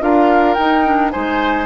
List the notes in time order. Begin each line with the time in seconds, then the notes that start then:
0.00 D4 F4 A#4 F5
0.54 D#4 G5
0.60 D#4
0.85 D4
1.11 G#3 D#4 C5 G#5